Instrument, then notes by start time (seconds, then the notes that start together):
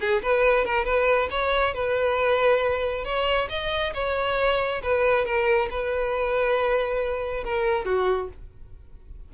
violin
0.00 G#4
0.22 B4
0.64 A#4
0.85 B4
1.30 C#5
1.74 B4
3.04 C#5
3.49 D#5
3.94 C#5
4.83 B4
5.25 A#4
5.70 B4
7.44 A#4
7.85 F#4